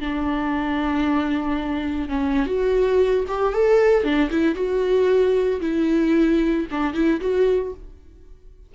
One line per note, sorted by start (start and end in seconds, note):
0.00 2.09 D4
2.09 2.46 C#4
2.46 3.25 F#4
3.28 3.54 G4
3.54 4.04 A4
4.04 4.30 D4
4.31 4.55 E4
4.55 5.60 F#4
5.61 6.66 E4
6.71 6.94 D4
6.94 7.20 E4
7.21 7.73 F#4